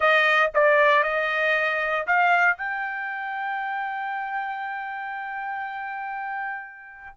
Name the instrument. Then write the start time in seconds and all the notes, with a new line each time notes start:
trumpet
0.00 D#5
0.54 D5
1.03 D#5
2.06 F5
2.57 G5